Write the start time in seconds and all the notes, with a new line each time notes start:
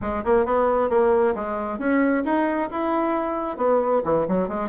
0.01 G#3
0.24 A#3
0.45 B3
0.89 A#3
1.35 G#3
1.78 C#4
2.24 D#4
2.70 E4
3.57 B3
4.04 E3
4.27 F#3
4.48 G#3